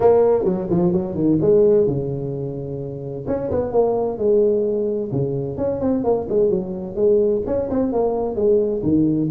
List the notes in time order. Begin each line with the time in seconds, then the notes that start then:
0.00 A#3
0.44 F#3
0.70 F3
0.92 F#3
1.15 D#3
1.41 G#3
1.86 C#3
3.27 C#4
3.50 B3
3.71 A#3
4.18 G#3
5.11 C#3
5.57 C#4
5.80 C4
6.03 A#3
6.29 G#3
6.50 F#3
6.95 G#3
7.46 C#4
7.70 C4
7.92 A#3
8.35 G#3
8.82 D#3